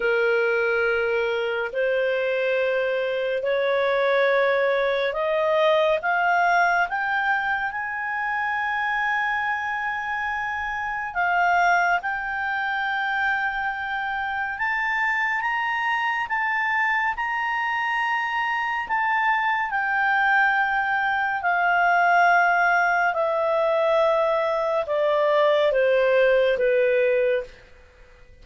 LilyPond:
\new Staff \with { instrumentName = "clarinet" } { \time 4/4 \tempo 4 = 70 ais'2 c''2 | cis''2 dis''4 f''4 | g''4 gis''2.~ | gis''4 f''4 g''2~ |
g''4 a''4 ais''4 a''4 | ais''2 a''4 g''4~ | g''4 f''2 e''4~ | e''4 d''4 c''4 b'4 | }